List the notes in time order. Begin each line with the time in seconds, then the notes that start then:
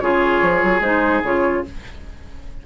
0.00 C#3 F4 G#4 C#5
0.42 F3
0.63 F#3
0.80 G#3 D#4 C5
1.23 C#3 F4 C#5